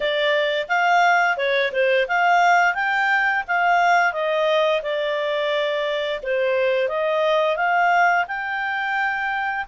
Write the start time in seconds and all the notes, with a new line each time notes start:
0.00 D5
0.68 F5
1.37 C#5
1.72 C5
2.08 F5
2.74 G5
3.47 F5
4.12 D#5
4.82 D5
6.22 C5
6.88 D#5
7.56 F5
8.27 G5